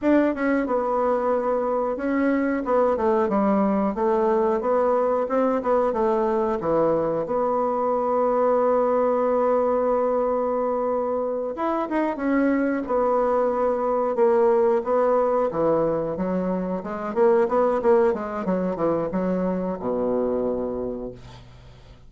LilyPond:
\new Staff \with { instrumentName = "bassoon" } { \time 4/4 \tempo 4 = 91 d'8 cis'8 b2 cis'4 | b8 a8 g4 a4 b4 | c'8 b8 a4 e4 b4~ | b1~ |
b4. e'8 dis'8 cis'4 b8~ | b4. ais4 b4 e8~ | e8 fis4 gis8 ais8 b8 ais8 gis8 | fis8 e8 fis4 b,2 | }